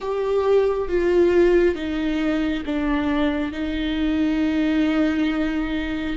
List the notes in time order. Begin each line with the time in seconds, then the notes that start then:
0.00 G4
0.88 F4
1.75 D#4
2.65 D4
3.52 D#4